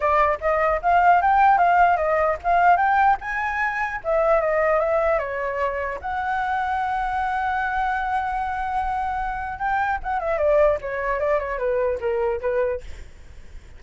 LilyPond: \new Staff \with { instrumentName = "flute" } { \time 4/4 \tempo 4 = 150 d''4 dis''4 f''4 g''4 | f''4 dis''4 f''4 g''4 | gis''2 e''4 dis''4 | e''4 cis''2 fis''4~ |
fis''1~ | fis''1 | g''4 fis''8 e''8 d''4 cis''4 | d''8 cis''8 b'4 ais'4 b'4 | }